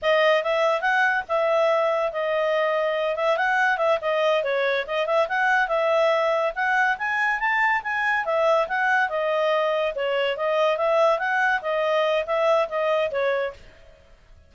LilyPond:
\new Staff \with { instrumentName = "clarinet" } { \time 4/4 \tempo 4 = 142 dis''4 e''4 fis''4 e''4~ | e''4 dis''2~ dis''8 e''8 | fis''4 e''8 dis''4 cis''4 dis''8 | e''8 fis''4 e''2 fis''8~ |
fis''8 gis''4 a''4 gis''4 e''8~ | e''8 fis''4 dis''2 cis''8~ | cis''8 dis''4 e''4 fis''4 dis''8~ | dis''4 e''4 dis''4 cis''4 | }